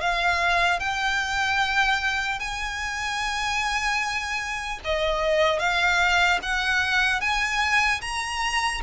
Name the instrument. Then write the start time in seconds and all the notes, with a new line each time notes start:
violin
0.00 F5
0.79 G5
2.39 G#5
4.84 D#5
5.59 F5
6.42 F#5
7.20 G#5
8.01 A#5